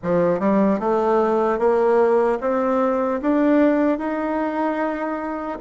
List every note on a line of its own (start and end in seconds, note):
0.02 0.39 F3
0.39 0.79 G3
0.79 1.58 A3
1.58 2.38 A#3
2.40 3.20 C4
3.21 3.98 D4
3.98 5.58 D#4